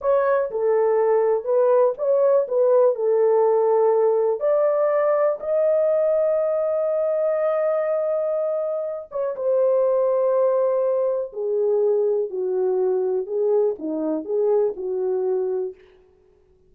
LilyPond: \new Staff \with { instrumentName = "horn" } { \time 4/4 \tempo 4 = 122 cis''4 a'2 b'4 | cis''4 b'4 a'2~ | a'4 d''2 dis''4~ | dis''1~ |
dis''2~ dis''8 cis''8 c''4~ | c''2. gis'4~ | gis'4 fis'2 gis'4 | dis'4 gis'4 fis'2 | }